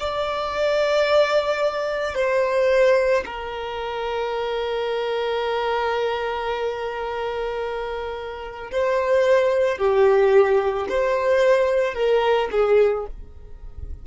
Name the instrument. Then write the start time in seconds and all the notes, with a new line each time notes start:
violin
0.00 D5
2.15 C5
3.26 A#4
8.72 C5
9.78 G4
10.89 C5
11.95 A#4
12.52 G#4